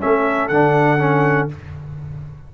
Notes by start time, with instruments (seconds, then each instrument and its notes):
0.00 tuba A3, trombone C#4, horn A4, trumpet E5
0.48 tuba D3, trombone D4, trumpet F#5
0.98 trombone C#4